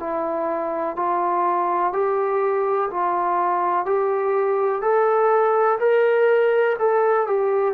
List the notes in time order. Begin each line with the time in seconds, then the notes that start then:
0.00 E4
0.96 F4
1.93 G4
2.91 F4
3.86 G4
4.82 A4
5.80 A#4
6.79 A4
7.27 G4